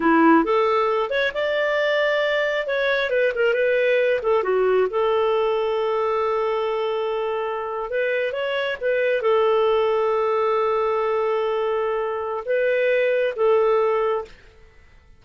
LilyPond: \new Staff \with { instrumentName = "clarinet" } { \time 4/4 \tempo 4 = 135 e'4 a'4. cis''8 d''4~ | d''2 cis''4 b'8 ais'8 | b'4. a'8 fis'4 a'4~ | a'1~ |
a'4.~ a'16 b'4 cis''4 b'16~ | b'8. a'2.~ a'16~ | a'1 | b'2 a'2 | }